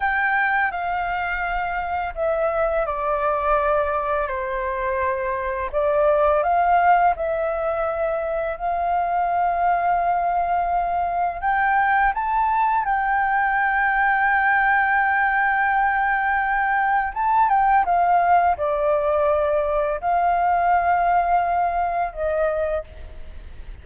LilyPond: \new Staff \with { instrumentName = "flute" } { \time 4/4 \tempo 4 = 84 g''4 f''2 e''4 | d''2 c''2 | d''4 f''4 e''2 | f''1 |
g''4 a''4 g''2~ | g''1 | a''8 g''8 f''4 d''2 | f''2. dis''4 | }